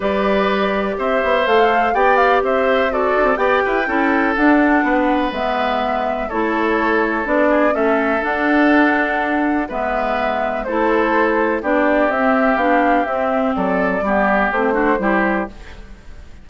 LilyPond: <<
  \new Staff \with { instrumentName = "flute" } { \time 4/4 \tempo 4 = 124 d''2 e''4 f''4 | g''8 f''8 e''4 d''4 g''4~ | g''4 fis''2 e''4~ | e''4 cis''2 d''4 |
e''4 fis''2. | e''2 c''2 | d''4 e''4 f''4 e''4 | d''2 c''2 | }
  \new Staff \with { instrumentName = "oboe" } { \time 4/4 b'2 c''2 | d''4 c''4 a'4 d''8 b'8 | a'2 b'2~ | b'4 a'2~ a'8 gis'8 |
a'1 | b'2 a'2 | g'1 | a'4 g'4. fis'8 g'4 | }
  \new Staff \with { instrumentName = "clarinet" } { \time 4/4 g'2. a'4 | g'2 fis'4 g'4 | e'4 d'2 b4~ | b4 e'2 d'4 |
cis'4 d'2. | b2 e'2 | d'4 c'4 d'4 c'4~ | c'4 b4 c'8 d'8 e'4 | }
  \new Staff \with { instrumentName = "bassoon" } { \time 4/4 g2 c'8 b8 a4 | b4 c'4. d'16 c'16 b8 e'8 | cis'4 d'4 b4 gis4~ | gis4 a2 b4 |
a4 d'2. | gis2 a2 | b4 c'4 b4 c'4 | fis4 g4 a4 g4 | }
>>